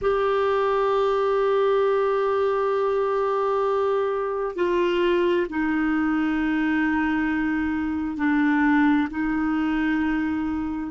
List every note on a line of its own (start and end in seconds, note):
0.01 4.55 G4
4.55 5.46 F4
5.49 8.17 D#4
8.17 9.07 D4
9.10 10.91 D#4